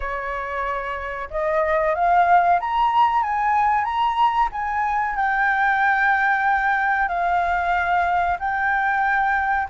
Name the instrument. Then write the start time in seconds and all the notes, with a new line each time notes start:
flute
0.00 C#5
1.30 D#5
1.94 F5
2.60 A#5
3.23 G#5
3.84 A#5
4.52 G#5
5.16 G5
7.08 F5
8.39 G5